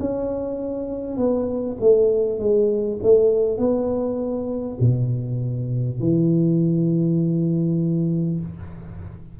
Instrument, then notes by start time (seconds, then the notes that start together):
tuba
0.00 C#4
1.17 B3
1.80 A3
2.39 G#3
3.03 A3
3.58 B3
4.81 B2
6.00 E3